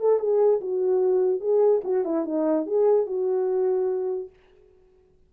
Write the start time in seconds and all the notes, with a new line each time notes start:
0.00 A4
0.19 G#4
0.61 F#4
1.40 G#4
1.84 F#4
2.05 E4
2.25 D#4
2.67 G#4
3.06 F#4